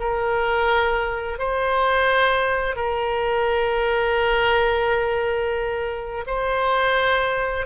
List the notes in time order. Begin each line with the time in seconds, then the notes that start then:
0.00 A#4
1.39 C5
2.76 A#4
6.27 C5